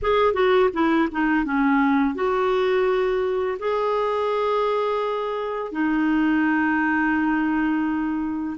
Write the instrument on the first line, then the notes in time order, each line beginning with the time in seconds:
clarinet
0.02 G#4
0.33 F#4
0.73 E4
1.11 D#4
1.44 C#4
2.15 F#4
3.59 G#4
5.71 D#4